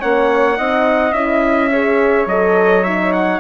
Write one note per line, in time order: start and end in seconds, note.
0.00 0.59 A#3
0.00 0.57 C#4
0.00 0.57 C#5
0.00 1.13 F#5
0.57 1.13 C4
0.57 1.14 D#4
0.57 1.71 D#5
1.13 2.26 C#4
1.13 1.71 E4
1.13 2.26 E5
1.72 2.29 G#4
1.72 3.40 C#5
2.26 3.40 F#3
2.26 2.85 A4
2.26 2.84 D#5
2.84 3.40 D#4
2.84 3.12 E5
3.13 3.40 F#5